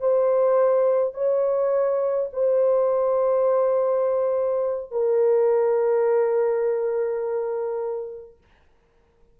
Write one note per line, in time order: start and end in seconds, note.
0.00 1.14 C5
1.14 2.29 C#5
2.33 4.91 C5
4.91 8.38 A#4